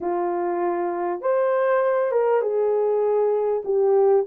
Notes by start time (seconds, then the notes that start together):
0.01 F4
1.21 C5
2.11 A#4
2.41 G#4
3.64 G4